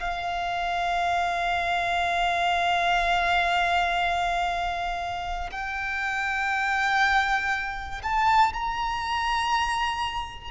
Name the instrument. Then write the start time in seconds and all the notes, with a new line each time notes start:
violin
0.00 F5
5.51 G5
8.03 A5
8.53 A#5